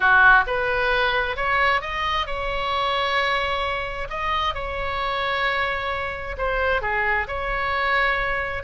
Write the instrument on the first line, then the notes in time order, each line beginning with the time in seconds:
oboe
0.00 F#4
0.46 B4
1.36 C#5
1.81 D#5
2.26 C#5
4.09 D#5
4.54 C#5
6.37 C5
6.81 G#4
7.27 C#5